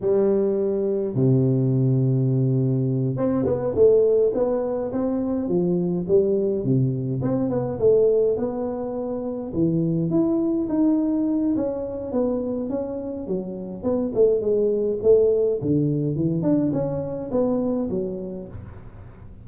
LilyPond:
\new Staff \with { instrumentName = "tuba" } { \time 4/4 \tempo 4 = 104 g2 c2~ | c4. c'8 b8 a4 b8~ | b8 c'4 f4 g4 c8~ | c8 c'8 b8 a4 b4.~ |
b8 e4 e'4 dis'4. | cis'4 b4 cis'4 fis4 | b8 a8 gis4 a4 d4 | e8 d'8 cis'4 b4 fis4 | }